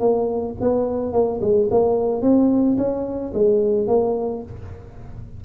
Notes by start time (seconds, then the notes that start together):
0.00 A#3
0.61 B3
1.13 A#3
1.41 G#3
1.71 A#3
2.22 C4
2.78 C#4
3.34 G#3
3.88 A#3